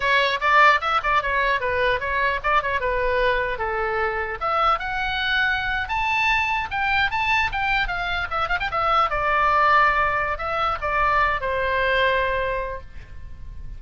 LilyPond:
\new Staff \with { instrumentName = "oboe" } { \time 4/4 \tempo 4 = 150 cis''4 d''4 e''8 d''8 cis''4 | b'4 cis''4 d''8 cis''8 b'4~ | b'4 a'2 e''4 | fis''2~ fis''8. a''4~ a''16~ |
a''8. g''4 a''4 g''4 f''16~ | f''8. e''8 f''16 g''16 e''4 d''4~ d''16~ | d''2 e''4 d''4~ | d''8 c''2.~ c''8 | }